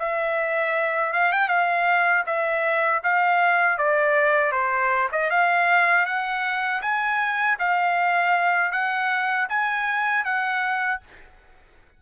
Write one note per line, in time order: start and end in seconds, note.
0.00 1.14 E5
1.14 1.33 F5
1.33 1.49 G5
1.49 2.25 F5
2.27 3.03 E5
3.04 3.78 F5
3.78 4.52 D5
4.52 5.09 C5
5.12 5.31 D#5
5.31 6.06 F5
6.06 6.82 F#5
6.82 7.58 G#5
7.59 8.72 F5
8.72 9.48 F#5
9.49 10.25 G#5
10.25 11.01 F#5